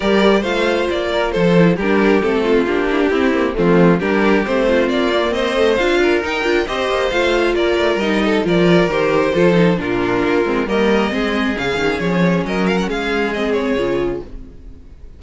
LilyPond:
<<
  \new Staff \with { instrumentName = "violin" } { \time 4/4 \tempo 4 = 135 d''4 f''4 d''4 c''4 | ais'4 a'4 g'2 | f'4 ais'4 c''4 d''4 | dis''4 f''4 g''4 dis''4 |
f''4 d''4 dis''4 d''4 | c''2 ais'2 | dis''2 f''4 cis''4 | dis''8 f''16 fis''16 f''4 dis''8 cis''4. | }
  \new Staff \with { instrumentName = "violin" } { \time 4/4 ais'4 c''4. ais'8 a'4 | g'4. f'4 e'16 d'16 e'4 | c'4 g'4. f'4. | c''4. ais'4. c''4~ |
c''4 ais'4. a'8 ais'4~ | ais'4 a'4 f'2 | ais'4 gis'2. | ais'4 gis'2. | }
  \new Staff \with { instrumentName = "viola" } { \time 4/4 g'4 f'2~ f'8 e'8 | d'4 c'4 d'4 c'8 ais8 | a4 d'4 c'4. ais8~ | ais8 a8 f'4 dis'8 f'8 g'4 |
f'2 dis'4 f'4 | g'4 f'8 dis'8 d'4. c'8 | ais4 c'4 cis'2~ | cis'2 c'4 f'4 | }
  \new Staff \with { instrumentName = "cello" } { \time 4/4 g4 a4 ais4 f4 | g4 a4 ais4 c'4 | f4 g4 a4 ais4 | c'4 d'4 dis'8 d'8 c'8 ais8 |
a4 ais8 a8 g4 f4 | dis4 f4 ais,4 ais8 gis8 | g4 gis4 cis8 dis8 f4 | fis4 gis2 cis4 | }
>>